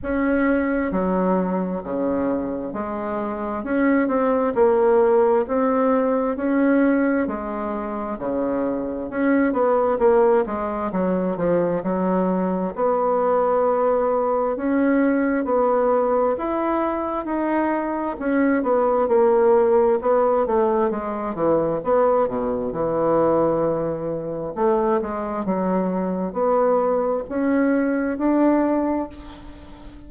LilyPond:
\new Staff \with { instrumentName = "bassoon" } { \time 4/4 \tempo 4 = 66 cis'4 fis4 cis4 gis4 | cis'8 c'8 ais4 c'4 cis'4 | gis4 cis4 cis'8 b8 ais8 gis8 | fis8 f8 fis4 b2 |
cis'4 b4 e'4 dis'4 | cis'8 b8 ais4 b8 a8 gis8 e8 | b8 b,8 e2 a8 gis8 | fis4 b4 cis'4 d'4 | }